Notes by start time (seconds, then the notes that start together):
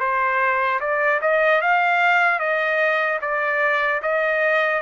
0.00 C5
0.80 D5
1.21 D#5
1.61 F5
2.39 D#5
3.21 D5
4.03 D#5